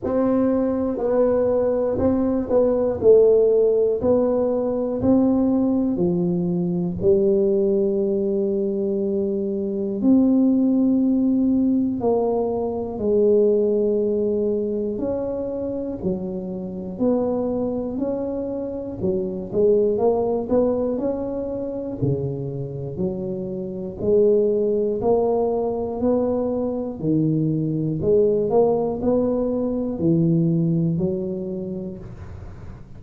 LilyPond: \new Staff \with { instrumentName = "tuba" } { \time 4/4 \tempo 4 = 60 c'4 b4 c'8 b8 a4 | b4 c'4 f4 g4~ | g2 c'2 | ais4 gis2 cis'4 |
fis4 b4 cis'4 fis8 gis8 | ais8 b8 cis'4 cis4 fis4 | gis4 ais4 b4 dis4 | gis8 ais8 b4 e4 fis4 | }